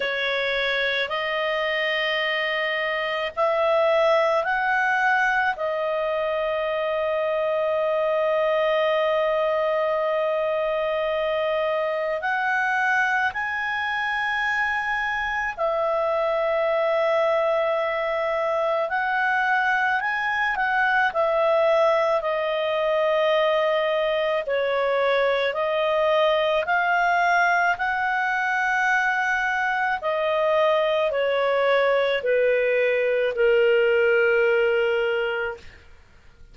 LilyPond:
\new Staff \with { instrumentName = "clarinet" } { \time 4/4 \tempo 4 = 54 cis''4 dis''2 e''4 | fis''4 dis''2.~ | dis''2. fis''4 | gis''2 e''2~ |
e''4 fis''4 gis''8 fis''8 e''4 | dis''2 cis''4 dis''4 | f''4 fis''2 dis''4 | cis''4 b'4 ais'2 | }